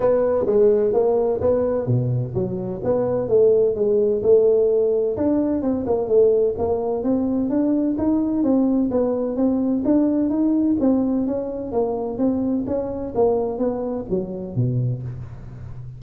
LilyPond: \new Staff \with { instrumentName = "tuba" } { \time 4/4 \tempo 4 = 128 b4 gis4 ais4 b4 | b,4 fis4 b4 a4 | gis4 a2 d'4 | c'8 ais8 a4 ais4 c'4 |
d'4 dis'4 c'4 b4 | c'4 d'4 dis'4 c'4 | cis'4 ais4 c'4 cis'4 | ais4 b4 fis4 b,4 | }